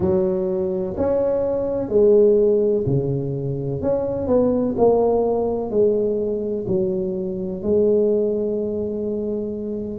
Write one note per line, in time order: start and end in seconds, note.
0.00 0.95 F#3
0.97 1.88 C#4
1.88 2.84 G#3
2.86 3.81 C#3
3.81 4.27 C#4
4.27 4.74 B3
4.77 5.70 A#3
5.70 6.65 G#3
6.67 7.62 F#3
7.62 9.99 G#3